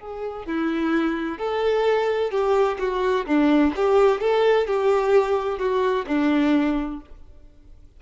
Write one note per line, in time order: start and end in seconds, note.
0.00 0.46 G#4
0.46 1.38 E4
1.38 2.31 A4
2.31 2.78 G4
2.79 3.26 F#4
3.26 3.73 D4
3.76 4.21 G4
4.21 4.67 A4
4.67 5.59 G4
5.59 6.06 F#4
6.07 7.01 D4